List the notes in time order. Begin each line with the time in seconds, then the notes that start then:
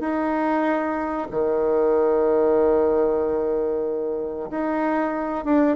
0.00 D#4
1.31 D#3
4.50 D#4
5.45 D4